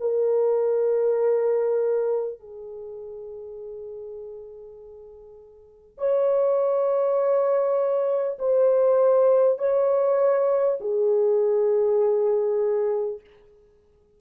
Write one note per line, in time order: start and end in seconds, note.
0.00 2.39 A#4
2.39 5.98 G#4
5.98 8.38 C#5
8.38 9.58 C5
9.58 10.78 C#5
10.81 13.21 G#4